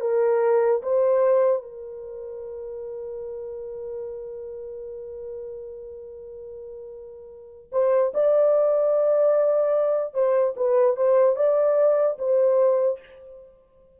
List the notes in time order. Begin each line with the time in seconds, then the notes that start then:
0.00 A#4
0.82 C5
1.62 A#4
7.72 C5
8.14 D5
10.14 C5
10.56 B4
10.96 C5
11.36 D5
12.18 C5